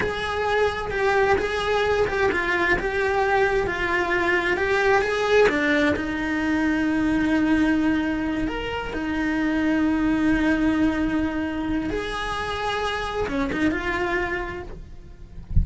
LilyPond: \new Staff \with { instrumentName = "cello" } { \time 4/4 \tempo 4 = 131 gis'2 g'4 gis'4~ | gis'8 g'8 f'4 g'2 | f'2 g'4 gis'4 | d'4 dis'2.~ |
dis'2~ dis'8 ais'4 dis'8~ | dis'1~ | dis'2 gis'2~ | gis'4 cis'8 dis'8 f'2 | }